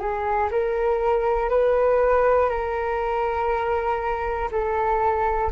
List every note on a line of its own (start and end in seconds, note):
0.00 0.50 G#4
0.51 1.50 A#4
1.50 2.50 B4
2.50 4.50 A#4
4.52 5.52 A4